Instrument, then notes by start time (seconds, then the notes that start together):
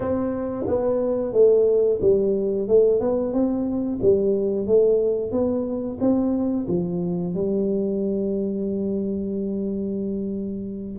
tuba
0.00 C4
0.67 B3
1.32 A3
2.01 G3
2.68 A3
3.00 B3
3.33 C4
4.02 G3
4.66 A3
5.31 B3
6.00 C4
6.68 F3
7.34 G3